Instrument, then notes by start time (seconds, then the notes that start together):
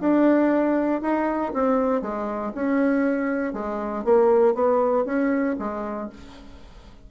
bassoon
0.00 D4
1.01 D#4
1.53 C4
2.01 G#3
2.54 C#4
3.53 G#3
4.04 A#3
4.54 B3
5.05 C#4
5.59 G#3